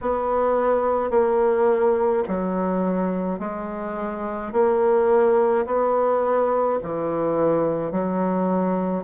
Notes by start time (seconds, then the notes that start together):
0.01 B3
1.10 A#3
2.27 F#3
3.39 G#3
4.52 A#3
5.66 B3
6.82 E3
7.91 F#3